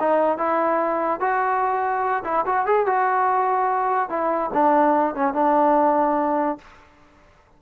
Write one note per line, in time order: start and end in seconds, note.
0.00 0.38 D#4
0.38 1.21 E4
1.21 2.24 F#4
2.25 2.45 E4
2.46 2.67 F#4
2.67 2.86 G#4
2.86 4.10 F#4
4.10 4.51 E4
4.54 5.16 D4
5.16 5.34 C#4
5.34 6.58 D4